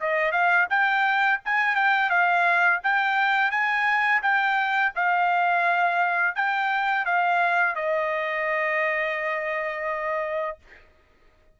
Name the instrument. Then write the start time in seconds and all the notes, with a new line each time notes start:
trumpet
0.00 D#5
0.32 F5
0.70 G5
1.45 G#5
1.76 G5
2.10 F5
2.83 G5
3.51 G#5
4.22 G5
4.95 F5
6.35 G5
7.05 F5
7.76 D#5